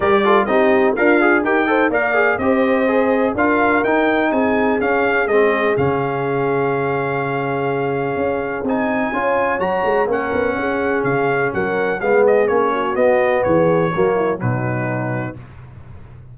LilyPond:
<<
  \new Staff \with { instrumentName = "trumpet" } { \time 4/4 \tempo 4 = 125 d''4 dis''4 f''4 g''4 | f''4 dis''2 f''4 | g''4 gis''4 f''4 dis''4 | f''1~ |
f''2 gis''2 | ais''4 fis''2 f''4 | fis''4 f''8 dis''8 cis''4 dis''4 | cis''2 b'2 | }
  \new Staff \with { instrumentName = "horn" } { \time 4/4 ais'8 a'8 g'4 f'4 ais'8 c''8 | d''4 c''2 ais'4~ | ais'4 gis'2.~ | gis'1~ |
gis'2. cis''4~ | cis''4 ais'4 gis'2 | ais'4 gis'4. fis'4. | gis'4 fis'8 e'8 dis'2 | }
  \new Staff \with { instrumentName = "trombone" } { \time 4/4 g'8 f'8 dis'4 ais'8 gis'8 g'8 a'8 | ais'8 gis'8 g'4 gis'4 f'4 | dis'2 cis'4 c'4 | cis'1~ |
cis'2 dis'4 f'4 | fis'4 cis'2.~ | cis'4 b4 cis'4 b4~ | b4 ais4 fis2 | }
  \new Staff \with { instrumentName = "tuba" } { \time 4/4 g4 c'4 d'4 dis'4 | ais4 c'2 d'4 | dis'4 c'4 cis'4 gis4 | cis1~ |
cis4 cis'4 c'4 cis'4 | fis8 gis8 ais8 b8 cis'4 cis4 | fis4 gis4 ais4 b4 | e4 fis4 b,2 | }
>>